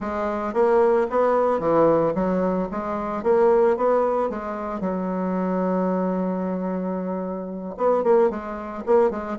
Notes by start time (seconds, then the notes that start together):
0.00 G#3
0.53 A#3
1.10 B3
1.59 E3
2.14 F#3
2.71 G#3
3.23 A#3
3.76 B3
4.29 G#3
4.80 F#3
7.77 B3
8.03 A#3
8.30 G#3
8.86 A#3
9.10 G#3